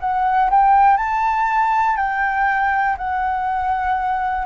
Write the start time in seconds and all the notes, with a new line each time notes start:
0.00 F#5
0.51 G5
0.97 A5
1.97 G5
2.98 F#5